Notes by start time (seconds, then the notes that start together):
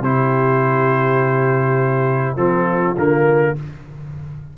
0.00 C3 E4 G4 C5
2.36 F3 C4 F4 A4
2.97 D3 A#3 A#4